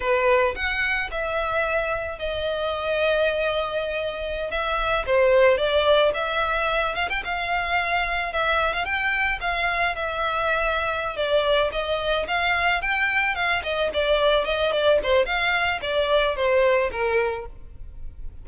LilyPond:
\new Staff \with { instrumentName = "violin" } { \time 4/4 \tempo 4 = 110 b'4 fis''4 e''2 | dis''1~ | dis''16 e''4 c''4 d''4 e''8.~ | e''8. f''16 g''16 f''2 e''8. |
f''16 g''4 f''4 e''4.~ e''16~ | e''8 d''4 dis''4 f''4 g''8~ | g''8 f''8 dis''8 d''4 dis''8 d''8 c''8 | f''4 d''4 c''4 ais'4 | }